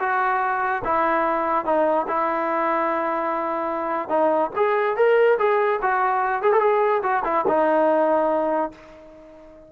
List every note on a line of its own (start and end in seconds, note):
0.00 0.83 F#4
0.85 1.66 E4
1.66 2.07 D#4
2.08 4.09 E4
4.09 4.51 D#4
4.56 4.97 G#4
4.97 5.38 A#4
5.39 5.81 G#4
5.82 6.43 F#4
6.43 6.53 G#4
6.53 6.61 A4
6.61 7.02 G#4
7.03 7.24 F#4
7.25 7.46 E4
7.48 8.72 D#4